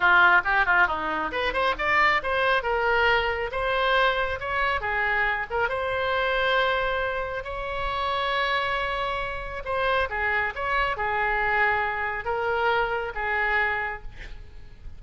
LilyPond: \new Staff \with { instrumentName = "oboe" } { \time 4/4 \tempo 4 = 137 f'4 g'8 f'8 dis'4 b'8 c''8 | d''4 c''4 ais'2 | c''2 cis''4 gis'4~ | gis'8 ais'8 c''2.~ |
c''4 cis''2.~ | cis''2 c''4 gis'4 | cis''4 gis'2. | ais'2 gis'2 | }